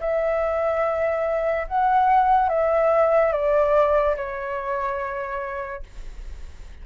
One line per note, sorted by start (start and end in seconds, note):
0.00 1.67 E5
1.67 2.48 F#5
2.48 3.32 E5
3.32 4.15 D5
4.16 5.83 C#5